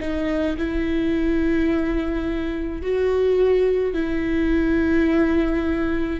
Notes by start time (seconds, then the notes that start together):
0.00 D#4
0.57 E4
2.82 F#4
3.93 E4